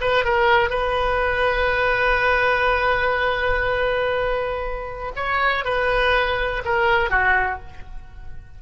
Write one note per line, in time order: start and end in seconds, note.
0.00 0.24 B4
0.24 0.69 A#4
0.69 5.12 B4
5.15 5.64 C#5
5.64 6.62 B4
6.65 7.10 A#4
7.10 7.59 F#4